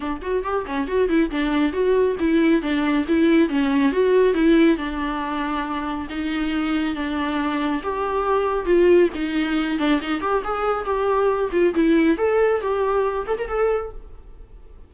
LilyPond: \new Staff \with { instrumentName = "viola" } { \time 4/4 \tempo 4 = 138 d'8 fis'8 g'8 cis'8 fis'8 e'8 d'4 | fis'4 e'4 d'4 e'4 | cis'4 fis'4 e'4 d'4~ | d'2 dis'2 |
d'2 g'2 | f'4 dis'4. d'8 dis'8 g'8 | gis'4 g'4. f'8 e'4 | a'4 g'4. a'16 ais'16 a'4 | }